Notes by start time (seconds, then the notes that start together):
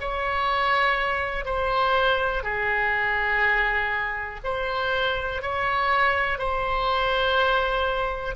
0.00 C#5
1.45 C5
2.43 G#4
4.44 C5
5.42 C#5
6.38 C5